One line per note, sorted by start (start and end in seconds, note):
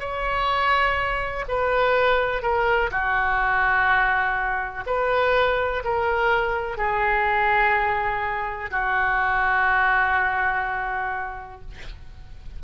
0.00 1.45 C#5
1.49 2.42 B4
2.42 2.91 A#4
2.91 4.85 F#4
4.87 5.83 B4
5.85 6.78 A#4
6.78 8.71 G#4
8.71 11.61 F#4